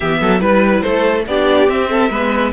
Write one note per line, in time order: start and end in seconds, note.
0.00 0.21 E3
0.00 0.39 B3
0.00 0.20 G4
0.00 0.40 E5
0.21 0.40 F#3
0.21 0.41 A4
0.39 0.82 G3
0.39 1.23 E4
0.39 0.81 B4
0.39 0.83 B4
0.81 1.26 A3
0.81 1.25 A4
0.81 1.23 C5
1.26 1.68 B3
1.26 1.68 D4
1.26 1.89 G4
1.26 1.69 D5
1.68 2.10 C4
1.68 2.52 E5
1.89 2.10 A4
2.10 2.52 G#3
2.10 2.52 B3
2.10 2.52 B4